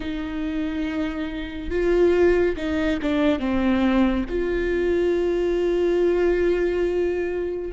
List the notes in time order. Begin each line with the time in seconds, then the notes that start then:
0.00 D#4
1.70 F4
2.56 D#4
3.02 D4
3.39 C4
4.29 F4